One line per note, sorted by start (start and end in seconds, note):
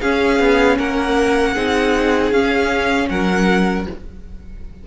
0.00 1.56 C#4
0.00 0.39 C#4
0.00 0.77 G#4
0.00 0.78 F5
0.39 0.77 B3
0.78 1.56 A#3
0.78 1.54 A#4
0.78 2.32 F#5
1.54 2.32 C4
1.54 2.33 D#4
1.54 3.07 G#4
2.32 3.08 C#4
2.32 3.87 C#4
2.32 3.09 F5
3.09 3.86 F#3
3.09 3.87 A#4
3.09 3.86 F#5